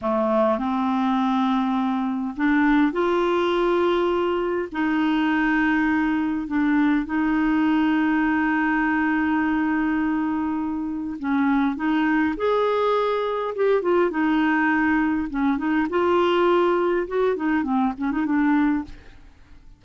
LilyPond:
\new Staff \with { instrumentName = "clarinet" } { \time 4/4 \tempo 4 = 102 a4 c'2. | d'4 f'2. | dis'2. d'4 | dis'1~ |
dis'2. cis'4 | dis'4 gis'2 g'8 f'8 | dis'2 cis'8 dis'8 f'4~ | f'4 fis'8 dis'8 c'8 cis'16 dis'16 d'4 | }